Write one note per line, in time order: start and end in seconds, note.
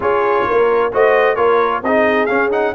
0.00 0.43 C#4
0.00 0.91 F4
0.00 0.46 G#4
0.00 0.93 C#5
0.46 0.92 A#3
0.46 0.92 A#4
0.92 1.37 A3
0.92 1.36 F#4
0.92 1.36 C5
0.92 1.35 D#5
1.35 1.82 A#3
1.35 1.82 F4
1.35 1.81 A#4
1.35 1.81 C#5
1.82 2.28 C4
1.82 2.28 D#4
1.82 2.74 G#4
1.82 2.26 D#5
2.26 2.51 C#4
2.26 2.74 C#4
2.26 2.49 F5
2.51 2.74 D#4
2.51 2.74 F#5